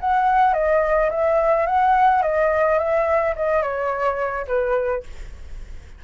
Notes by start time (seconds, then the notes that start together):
0.00 F#5
0.54 D#5
1.10 E5
1.66 F#5
2.22 D#5
2.78 E5
3.35 D#5
3.62 C#5
4.47 B4